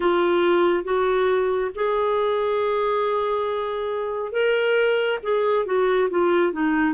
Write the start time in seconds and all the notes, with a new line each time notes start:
0.00 F4
0.84 F#4
1.74 G#4
4.32 A#4
5.22 G#4
5.65 F#4
6.09 F4
6.52 D#4